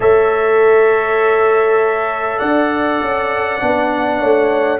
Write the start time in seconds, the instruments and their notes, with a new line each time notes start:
0.00 tuba A3, trombone A4, horn C#5, trumpet E5
2.39 tuba D4, horn D5, trumpet F#5
3.01 tuba C#4
3.60 tuba B3, trombone D4
4.19 tuba A3, horn C#5